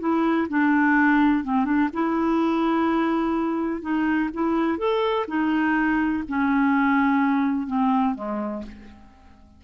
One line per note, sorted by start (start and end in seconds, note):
0.00 0.48 E4
0.49 1.44 D4
1.44 1.65 C4
1.65 1.89 D4
1.94 3.82 E4
3.82 4.30 D#4
4.34 4.78 E4
4.78 5.26 A4
5.28 6.24 D#4
6.28 7.67 C#4
7.67 8.15 C4
8.15 8.63 G#3